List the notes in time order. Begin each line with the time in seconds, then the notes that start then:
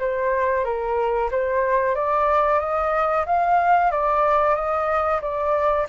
0.00 C5
0.64 A#4
1.31 C5
1.95 D5
2.60 D#5
3.26 F5
3.91 D5
4.55 D#5
5.22 D5